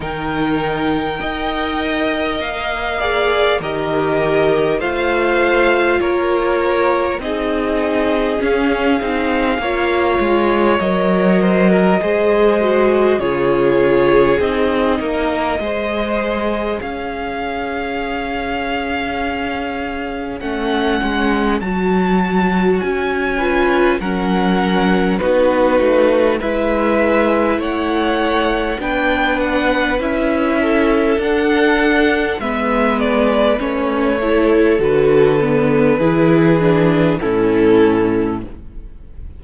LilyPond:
<<
  \new Staff \with { instrumentName = "violin" } { \time 4/4 \tempo 4 = 50 g''2 f''4 dis''4 | f''4 cis''4 dis''4 f''4~ | f''4 dis''2 cis''4 | dis''2 f''2~ |
f''4 fis''4 a''4 gis''4 | fis''4 b'4 e''4 fis''4 | g''8 fis''8 e''4 fis''4 e''8 d''8 | cis''4 b'2 a'4 | }
  \new Staff \with { instrumentName = "violin" } { \time 4/4 ais'4 dis''4. d''8 ais'4 | c''4 ais'4 gis'2 | cis''4. c''16 ais'16 c''4 gis'4~ | gis'8 ais'8 c''4 cis''2~ |
cis''2.~ cis''8 b'8 | ais'4 fis'4 b'4 cis''4 | b'4. a'4. b'4~ | b'8 a'4. gis'4 e'4 | }
  \new Staff \with { instrumentName = "viola" } { \time 4/4 dis'4 ais'4. gis'8 g'4 | f'2 dis'4 cis'8 dis'8 | f'4 ais'4 gis'8 fis'8 f'4 | dis'4 gis'2.~ |
gis'4 cis'4 fis'4. f'8 | cis'4 dis'4 e'2 | d'4 e'4 d'4 b4 | cis'8 e'8 fis'8 b8 e'8 d'8 cis'4 | }
  \new Staff \with { instrumentName = "cello" } { \time 4/4 dis4 dis'4 ais4 dis4 | a4 ais4 c'4 cis'8 c'8 | ais8 gis8 fis4 gis4 cis4 | c'8 ais8 gis4 cis'2~ |
cis'4 a8 gis8 fis4 cis'4 | fis4 b8 a8 gis4 a4 | b4 cis'4 d'4 gis4 | a4 d4 e4 a,4 | }
>>